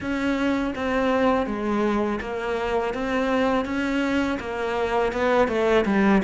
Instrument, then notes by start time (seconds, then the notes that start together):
cello
0.00 C#4
0.75 C4
1.46 G#3
2.21 A#3
2.94 C4
3.65 C#4
4.39 A#3
5.12 B3
5.48 A3
5.85 G3